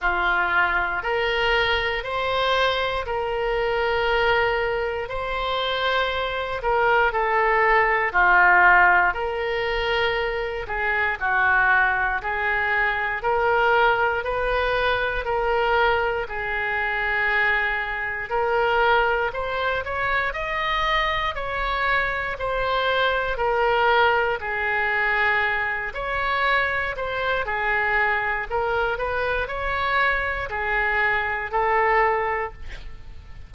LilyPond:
\new Staff \with { instrumentName = "oboe" } { \time 4/4 \tempo 4 = 59 f'4 ais'4 c''4 ais'4~ | ais'4 c''4. ais'8 a'4 | f'4 ais'4. gis'8 fis'4 | gis'4 ais'4 b'4 ais'4 |
gis'2 ais'4 c''8 cis''8 | dis''4 cis''4 c''4 ais'4 | gis'4. cis''4 c''8 gis'4 | ais'8 b'8 cis''4 gis'4 a'4 | }